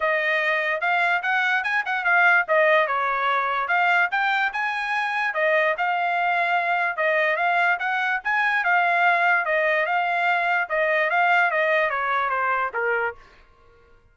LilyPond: \new Staff \with { instrumentName = "trumpet" } { \time 4/4 \tempo 4 = 146 dis''2 f''4 fis''4 | gis''8 fis''8 f''4 dis''4 cis''4~ | cis''4 f''4 g''4 gis''4~ | gis''4 dis''4 f''2~ |
f''4 dis''4 f''4 fis''4 | gis''4 f''2 dis''4 | f''2 dis''4 f''4 | dis''4 cis''4 c''4 ais'4 | }